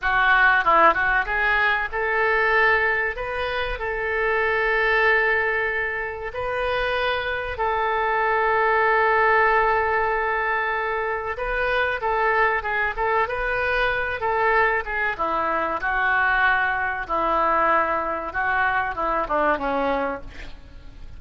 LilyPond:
\new Staff \with { instrumentName = "oboe" } { \time 4/4 \tempo 4 = 95 fis'4 e'8 fis'8 gis'4 a'4~ | a'4 b'4 a'2~ | a'2 b'2 | a'1~ |
a'2 b'4 a'4 | gis'8 a'8 b'4. a'4 gis'8 | e'4 fis'2 e'4~ | e'4 fis'4 e'8 d'8 cis'4 | }